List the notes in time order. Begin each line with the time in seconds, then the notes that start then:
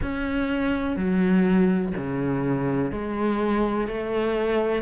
0.01 C#4
0.96 F#3
1.97 C#3
2.91 G#3
3.87 A3